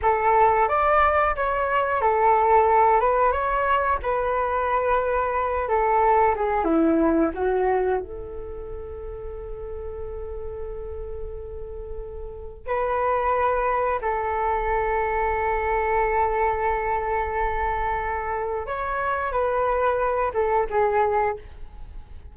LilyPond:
\new Staff \with { instrumentName = "flute" } { \time 4/4 \tempo 4 = 90 a'4 d''4 cis''4 a'4~ | a'8 b'8 cis''4 b'2~ | b'8 a'4 gis'8 e'4 fis'4 | a'1~ |
a'2. b'4~ | b'4 a'2.~ | a'1 | cis''4 b'4. a'8 gis'4 | }